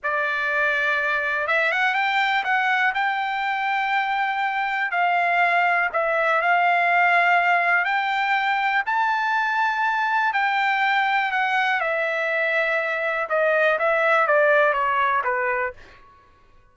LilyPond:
\new Staff \with { instrumentName = "trumpet" } { \time 4/4 \tempo 4 = 122 d''2. e''8 fis''8 | g''4 fis''4 g''2~ | g''2 f''2 | e''4 f''2. |
g''2 a''2~ | a''4 g''2 fis''4 | e''2. dis''4 | e''4 d''4 cis''4 b'4 | }